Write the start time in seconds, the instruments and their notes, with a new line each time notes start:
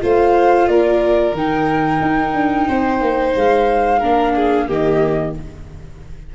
0.00 tuba A3, viola F4, violin C5, flute F5
0.68 tuba A#3, violin A#4, flute D5
1.33 tuba D#3, viola D#4, flute G5
2.02 tuba D#4
2.34 tuba D4
2.67 tuba C4, violin C5
3.01 tuba A#3
3.34 tuba G#3, flute F5
3.99 tuba A#3, viola D4, violin A#4
4.35 violin G#4
4.67 tuba D#3, viola A#3, violin G4, flute D#5